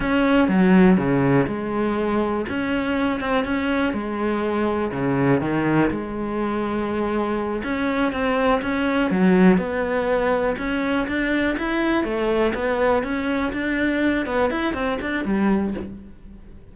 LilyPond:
\new Staff \with { instrumentName = "cello" } { \time 4/4 \tempo 4 = 122 cis'4 fis4 cis4 gis4~ | gis4 cis'4. c'8 cis'4 | gis2 cis4 dis4 | gis2.~ gis8 cis'8~ |
cis'8 c'4 cis'4 fis4 b8~ | b4. cis'4 d'4 e'8~ | e'8 a4 b4 cis'4 d'8~ | d'4 b8 e'8 c'8 d'8 g4 | }